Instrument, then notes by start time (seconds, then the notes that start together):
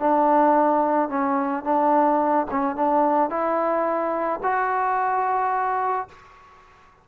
trombone
0.00 D4
1.09 C#4
1.64 D4
2.51 C#4
2.76 D4
3.30 E4
4.43 F#4